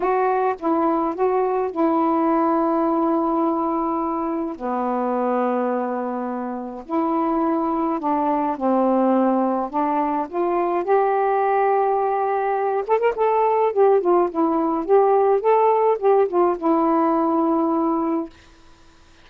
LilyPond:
\new Staff \with { instrumentName = "saxophone" } { \time 4/4 \tempo 4 = 105 fis'4 e'4 fis'4 e'4~ | e'1 | b1 | e'2 d'4 c'4~ |
c'4 d'4 f'4 g'4~ | g'2~ g'8 a'16 ais'16 a'4 | g'8 f'8 e'4 g'4 a'4 | g'8 f'8 e'2. | }